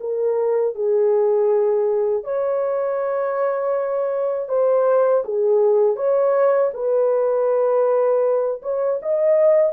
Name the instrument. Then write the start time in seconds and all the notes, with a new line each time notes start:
horn
0.00 A#4
0.75 G#4
2.24 C#5
4.49 C5
5.24 G#4
5.96 C#5
6.74 B4
8.62 C#5
9.02 D#5